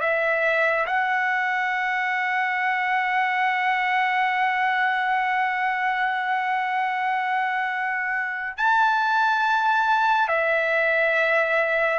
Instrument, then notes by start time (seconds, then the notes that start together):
trumpet
0.00 E5
0.86 F#5
8.57 A5
10.28 E5